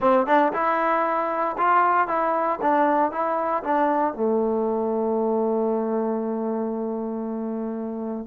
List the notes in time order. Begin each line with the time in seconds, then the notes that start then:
0.00 C4
0.26 D4
0.53 E4
1.57 F4
2.07 E4
2.61 D4
3.11 E4
3.63 D4
4.14 A3